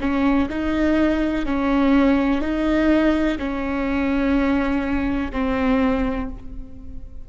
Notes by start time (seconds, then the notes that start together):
0.00 C#4
0.49 D#4
1.45 C#4
2.41 D#4
3.38 C#4
5.32 C4